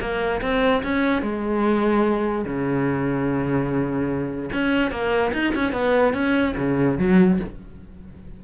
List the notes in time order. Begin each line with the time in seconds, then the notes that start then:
0.00 A#3
0.41 C4
0.83 C#4
1.22 G#3
2.44 C#3
4.53 C#4
4.91 A#3
5.33 D#4
5.55 C#4
5.72 B3
6.13 C#4
6.57 C#3
6.98 F#3